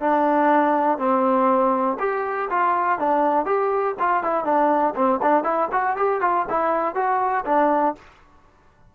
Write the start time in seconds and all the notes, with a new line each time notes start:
0.00 D4
0.98 C4
1.99 G4
2.50 F4
2.99 D4
3.45 G4
3.99 F4
4.24 E4
4.45 D4
4.95 C4
5.22 D4
5.44 E4
5.72 F#4
5.96 G4
6.21 F4
6.49 E4
6.95 F#4
7.45 D4